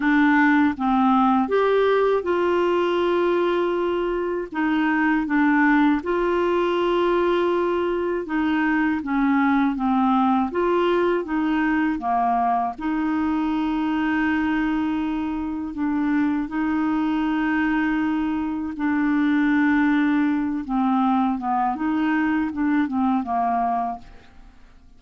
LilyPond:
\new Staff \with { instrumentName = "clarinet" } { \time 4/4 \tempo 4 = 80 d'4 c'4 g'4 f'4~ | f'2 dis'4 d'4 | f'2. dis'4 | cis'4 c'4 f'4 dis'4 |
ais4 dis'2.~ | dis'4 d'4 dis'2~ | dis'4 d'2~ d'8 c'8~ | c'8 b8 dis'4 d'8 c'8 ais4 | }